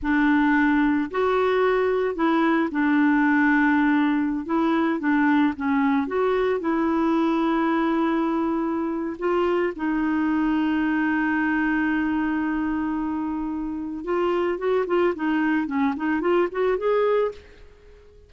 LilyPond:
\new Staff \with { instrumentName = "clarinet" } { \time 4/4 \tempo 4 = 111 d'2 fis'2 | e'4 d'2.~ | d'16 e'4 d'4 cis'4 fis'8.~ | fis'16 e'2.~ e'8.~ |
e'4 f'4 dis'2~ | dis'1~ | dis'2 f'4 fis'8 f'8 | dis'4 cis'8 dis'8 f'8 fis'8 gis'4 | }